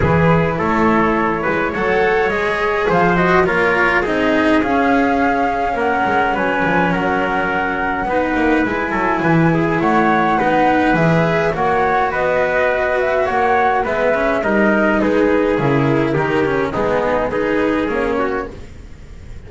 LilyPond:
<<
  \new Staff \with { instrumentName = "flute" } { \time 4/4 \tempo 4 = 104 b'4 cis''2 fis''4 | dis''4 f''8 dis''8 cis''4 dis''4 | f''2 fis''4 gis''4 | fis''2. gis''4~ |
gis''4 fis''2 e''4 | fis''4 dis''4. e''8 fis''4 | e''4 dis''4 b'4 ais'4~ | ais'4 gis'4 b'4 cis''4 | }
  \new Staff \with { instrumentName = "trumpet" } { \time 4/4 gis'4 a'4. b'8 cis''4~ | cis''4 c''4 ais'4 gis'4~ | gis'2 ais'4 b'4 | ais'2 b'4. a'8 |
b'8 gis'8 cis''4 b'2 | cis''4 b'2 cis''4 | b'4 ais'4 gis'2 | g'4 dis'4 gis'4. fis'8 | }
  \new Staff \with { instrumentName = "cello" } { \time 4/4 e'2. a'4 | gis'4. fis'8 f'4 dis'4 | cis'1~ | cis'2 dis'4 e'4~ |
e'2 dis'4 gis'4 | fis'1 | b8 cis'8 dis'2 e'4 | dis'8 cis'8 b4 dis'4 cis'4 | }
  \new Staff \with { instrumentName = "double bass" } { \time 4/4 e4 a4. gis8 fis4 | gis4 f4 ais4 c'4 | cis'2 ais8 gis8 fis8 f8 | fis2 b8 ais8 gis8 fis8 |
e4 a4 b4 e4 | ais4 b2 ais4 | gis4 g4 gis4 cis4 | dis4 gis2 ais4 | }
>>